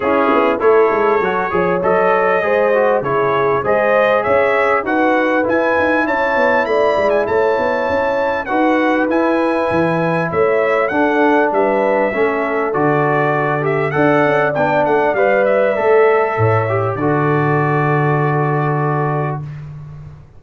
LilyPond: <<
  \new Staff \with { instrumentName = "trumpet" } { \time 4/4 \tempo 4 = 99 gis'4 cis''2 dis''4~ | dis''4 cis''4 dis''4 e''4 | fis''4 gis''4 a''4 b''8. gis''16 | a''2 fis''4 gis''4~ |
gis''4 e''4 fis''4 e''4~ | e''4 d''4. e''8 fis''4 | g''8 fis''8 f''8 e''2~ e''8 | d''1 | }
  \new Staff \with { instrumentName = "horn" } { \time 4/4 e'4 a'4. cis''4. | c''4 gis'4 c''4 cis''4 | b'2 cis''4 d''4 | cis''2 b'2~ |
b'4 cis''4 a'4 b'4 | a'2. d''4~ | d''2. cis''4 | a'1 | }
  \new Staff \with { instrumentName = "trombone" } { \time 4/4 cis'4 e'4 fis'8 gis'8 a'4 | gis'8 fis'8 e'4 gis'2 | fis'4 e'2.~ | e'2 fis'4 e'4~ |
e'2 d'2 | cis'4 fis'4. g'8 a'4 | d'4 b'4 a'4. g'8 | fis'1 | }
  \new Staff \with { instrumentName = "tuba" } { \time 4/4 cis'8 b8 a8 gis8 fis8 f8 fis4 | gis4 cis4 gis4 cis'4 | dis'4 e'8 dis'8 cis'8 b8 a8 gis8 | a8 b8 cis'4 dis'4 e'4 |
e4 a4 d'4 g4 | a4 d2 d'8 cis'8 | b8 a8 g4 a4 a,4 | d1 | }
>>